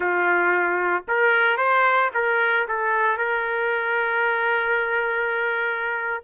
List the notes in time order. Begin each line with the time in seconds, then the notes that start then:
0.00 F4
1.08 A#4
1.57 C5
2.14 A#4
2.68 A4
3.17 A#4